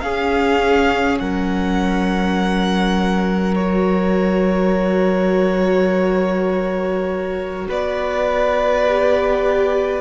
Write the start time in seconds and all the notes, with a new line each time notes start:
0.00 C#4 G#4 F5
1.19 F#3 A#4 F#5
3.54 F#4 C#5
7.68 B3 B4 D5
8.86 G4